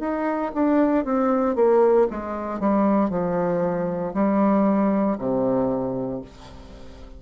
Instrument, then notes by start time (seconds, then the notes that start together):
bassoon
0.00 D#4
0.55 D4
1.05 C4
1.56 A#3
2.11 G#3
2.60 G3
3.10 F3
4.14 G3
5.19 C3